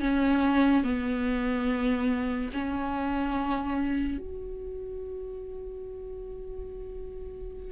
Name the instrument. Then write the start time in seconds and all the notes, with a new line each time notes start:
viola
0.00 C#4
0.83 B3
2.53 C#4
4.18 F#4